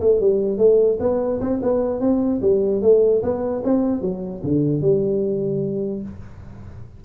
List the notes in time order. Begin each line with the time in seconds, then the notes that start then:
0.00 A3
0.20 G3
0.58 A3
1.00 B3
1.40 C4
1.62 B3
2.00 C4
2.41 G3
2.82 A3
3.22 B3
3.64 C4
4.01 F#3
4.43 D3
4.81 G3